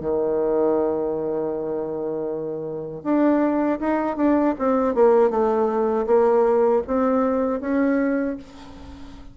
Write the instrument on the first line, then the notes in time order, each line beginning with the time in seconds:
bassoon
0.00 D#3
3.03 D4
3.79 D#4
4.16 D4
4.58 C4
4.94 A#3
5.30 A3
6.06 A#3
6.87 C4
7.60 C#4